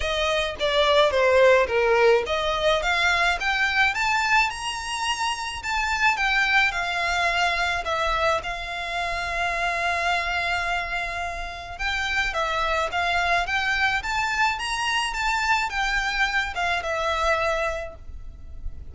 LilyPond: \new Staff \with { instrumentName = "violin" } { \time 4/4 \tempo 4 = 107 dis''4 d''4 c''4 ais'4 | dis''4 f''4 g''4 a''4 | ais''2 a''4 g''4 | f''2 e''4 f''4~ |
f''1~ | f''4 g''4 e''4 f''4 | g''4 a''4 ais''4 a''4 | g''4. f''8 e''2 | }